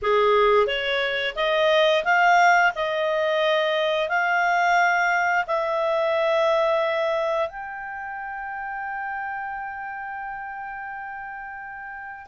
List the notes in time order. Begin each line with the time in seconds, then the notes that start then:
0.02 G#4
0.66 C#5
1.35 D#5
2.04 F5
2.75 D#5
4.08 F5
5.46 E5
7.48 G5